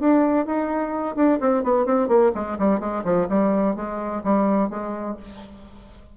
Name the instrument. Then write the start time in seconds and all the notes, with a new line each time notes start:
bassoon
0.00 D4
0.46 D#4
1.16 D4
1.40 C4
1.64 B3
1.86 C4
2.08 A#3
2.35 G#3
2.59 G3
2.80 G#3
3.04 F3
3.29 G3
3.76 G#3
4.24 G3
4.70 G#3